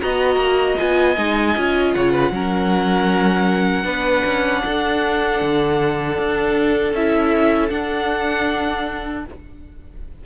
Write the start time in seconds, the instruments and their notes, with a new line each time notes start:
0.00 cello B3, viola F#4, violin D#5 A#5
0.36 cello A#3
0.77 cello B3, viola F4, violin G#5
1.17 cello G#3, viola D#4
1.57 cello C#4, viola F4
1.93 cello C#3, violin C#5 F#5
2.12 violin B4
2.30 cello F#3, viola C#4, violin A#4
3.83 cello B3, viola D4, violin B4
4.25 cello C#4
4.63 cello D4, violin A4
5.41 cello D3
6.18 cello D4
6.93 cello C#4, viola E4, violin E5
7.69 viola D4, cello D4, violin F#5